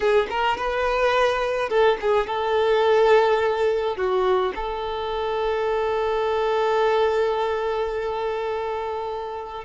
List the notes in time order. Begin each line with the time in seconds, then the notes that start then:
0.00 G#4
0.30 A#4
0.57 B4
1.69 A4
2.00 G#4
2.26 A4
3.96 F#4
4.55 A4